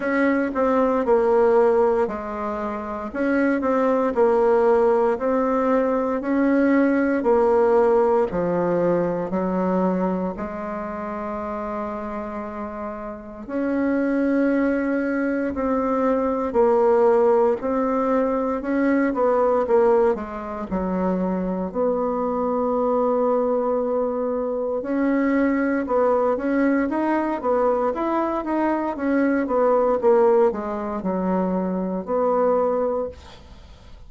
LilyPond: \new Staff \with { instrumentName = "bassoon" } { \time 4/4 \tempo 4 = 58 cis'8 c'8 ais4 gis4 cis'8 c'8 | ais4 c'4 cis'4 ais4 | f4 fis4 gis2~ | gis4 cis'2 c'4 |
ais4 c'4 cis'8 b8 ais8 gis8 | fis4 b2. | cis'4 b8 cis'8 dis'8 b8 e'8 dis'8 | cis'8 b8 ais8 gis8 fis4 b4 | }